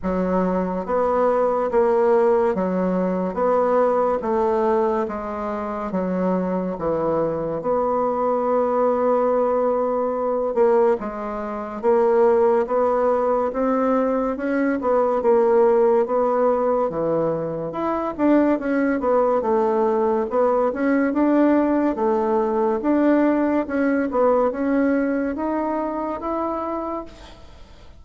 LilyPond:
\new Staff \with { instrumentName = "bassoon" } { \time 4/4 \tempo 4 = 71 fis4 b4 ais4 fis4 | b4 a4 gis4 fis4 | e4 b2.~ | b8 ais8 gis4 ais4 b4 |
c'4 cis'8 b8 ais4 b4 | e4 e'8 d'8 cis'8 b8 a4 | b8 cis'8 d'4 a4 d'4 | cis'8 b8 cis'4 dis'4 e'4 | }